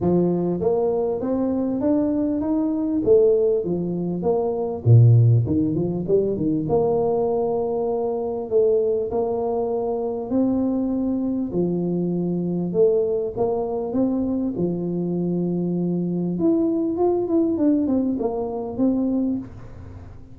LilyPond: \new Staff \with { instrumentName = "tuba" } { \time 4/4 \tempo 4 = 99 f4 ais4 c'4 d'4 | dis'4 a4 f4 ais4 | ais,4 dis8 f8 g8 dis8 ais4~ | ais2 a4 ais4~ |
ais4 c'2 f4~ | f4 a4 ais4 c'4 | f2. e'4 | f'8 e'8 d'8 c'8 ais4 c'4 | }